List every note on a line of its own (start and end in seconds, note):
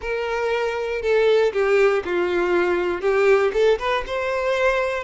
0.01 1.02 A#4
1.02 1.52 A4
1.52 2.03 G4
2.04 3.01 F4
3.01 3.51 G4
3.53 3.78 A4
3.79 4.04 B4
4.06 5.03 C5